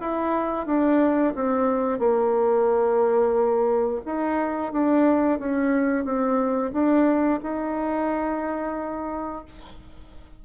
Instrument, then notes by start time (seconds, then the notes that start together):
bassoon
0.00 E4
0.66 D4
1.35 C4
1.99 A#3
4.05 D#4
4.72 D4
5.39 C#4
6.04 C4
6.72 D4
7.42 D#4